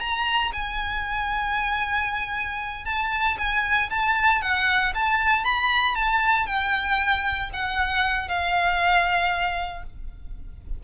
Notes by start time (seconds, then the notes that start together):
0.00 A#5
0.53 G#5
2.85 A5
3.38 G#5
3.90 A5
4.42 F#5
4.95 A5
5.45 B5
5.95 A5
6.47 G5
7.54 F#5
8.29 F5